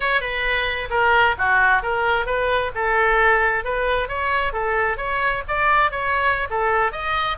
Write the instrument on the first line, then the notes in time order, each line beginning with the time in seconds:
oboe
0.00 C#5
0.20 B4
0.90 A#4
1.38 F#4
1.82 A#4
2.26 B4
2.74 A4
3.64 B4
4.08 C#5
4.52 A4
4.97 C#5
5.48 D5
5.91 C#5
6.49 A4
6.92 D#5